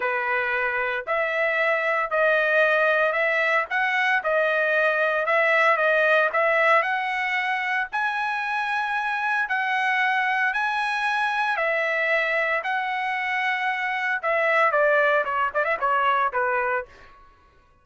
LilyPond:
\new Staff \with { instrumentName = "trumpet" } { \time 4/4 \tempo 4 = 114 b'2 e''2 | dis''2 e''4 fis''4 | dis''2 e''4 dis''4 | e''4 fis''2 gis''4~ |
gis''2 fis''2 | gis''2 e''2 | fis''2. e''4 | d''4 cis''8 d''16 e''16 cis''4 b'4 | }